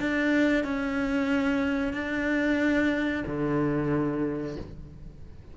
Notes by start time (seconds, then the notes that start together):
0.00 D4
0.64 C#4
1.94 D4
3.27 D3